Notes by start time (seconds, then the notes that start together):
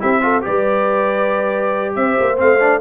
0.00 C4 E4 G4 E5
0.21 F4 A4
0.42 G3 G4 B4 D5
1.96 C4 C5 E5
2.20 A#3
2.37 A3 C4 F5
2.60 D4